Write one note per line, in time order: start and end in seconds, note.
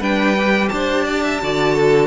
0.00 0.70 G3
0.00 0.36 D4
0.00 0.70 B4
0.00 0.69 G5
0.38 1.42 G4
0.69 1.42 D4
0.69 1.05 C5
0.69 2.07 A5
1.05 1.22 D5
1.23 1.40 E5
1.42 2.07 D3
1.42 2.07 F#4
1.42 1.74 D5
1.74 2.07 A4